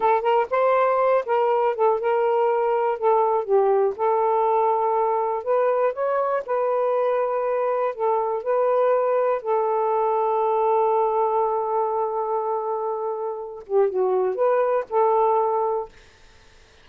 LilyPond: \new Staff \with { instrumentName = "saxophone" } { \time 4/4 \tempo 4 = 121 a'8 ais'8 c''4. ais'4 a'8 | ais'2 a'4 g'4 | a'2. b'4 | cis''4 b'2. |
a'4 b'2 a'4~ | a'1~ | a'2.~ a'8 g'8 | fis'4 b'4 a'2 | }